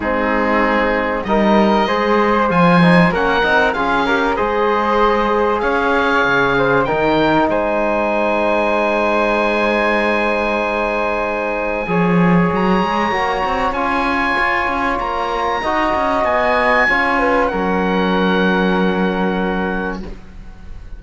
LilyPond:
<<
  \new Staff \with { instrumentName = "oboe" } { \time 4/4 \tempo 4 = 96 gis'2 dis''2 | gis''4 fis''4 f''4 dis''4~ | dis''4 f''2 g''4 | gis''1~ |
gis''1 | ais''2 gis''2 | ais''2 gis''2 | fis''1 | }
  \new Staff \with { instrumentName = "flute" } { \time 4/4 dis'2 ais'4 c''4~ | c''4 ais'4 gis'8 ais'8 c''4~ | c''4 cis''4. c''8 ais'4 | c''1~ |
c''2. cis''4~ | cis''1~ | cis''4 dis''2 cis''8 b'8 | ais'1 | }
  \new Staff \with { instrumentName = "trombone" } { \time 4/4 c'2 dis'4 gis'4 | f'8 dis'8 cis'8 dis'8 f'8 g'8 gis'4~ | gis'2. dis'4~ | dis'1~ |
dis'2. gis'4~ | gis'4 fis'4 f'2~ | f'4 fis'2 f'4 | cis'1 | }
  \new Staff \with { instrumentName = "cello" } { \time 4/4 gis2 g4 gis4 | f4 ais8 c'8 cis'4 gis4~ | gis4 cis'4 cis4 dis4 | gis1~ |
gis2. f4 | fis8 gis8 ais8 c'8 cis'4 f'8 cis'8 | ais4 dis'8 cis'8 b4 cis'4 | fis1 | }
>>